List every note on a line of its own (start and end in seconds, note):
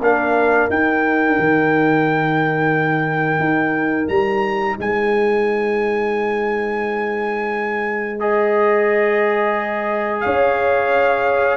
0.00 0.68 A#3
0.00 0.69 D4
0.00 4.78 A#4
0.00 0.70 F5
0.69 1.37 D#4
0.69 8.19 D#4
0.69 4.08 G5
1.38 3.39 D#3
3.39 4.07 D#4
4.08 4.77 G3
4.08 4.76 A#5
4.78 10.24 G#3
4.78 10.24 C5
4.78 8.20 G#5
8.19 11.57 G#4
8.19 10.20 D#5
10.20 11.57 C#4
10.20 11.57 C#5
10.20 11.57 F5